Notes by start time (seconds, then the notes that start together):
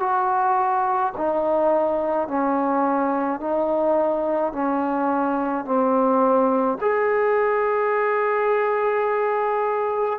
0.00 F#4
1.17 D#4
2.28 C#4
3.41 D#4
4.53 C#4
5.65 C4
6.81 G#4